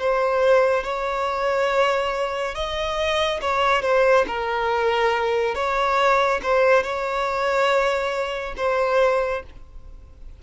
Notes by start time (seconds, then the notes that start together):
0.00 C5
0.84 C#5
2.55 D#5
3.42 C#5
3.83 C5
4.27 A#4
5.55 C#5
6.43 C5
6.83 C#5
8.58 C5